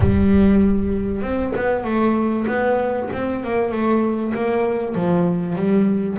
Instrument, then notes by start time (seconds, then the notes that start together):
double bass
0.00 G3
1.22 C4
1.56 B3
1.84 A3
2.47 B3
3.12 C4
3.43 A#3
3.71 A3
4.34 A#3
4.95 F3
5.55 G3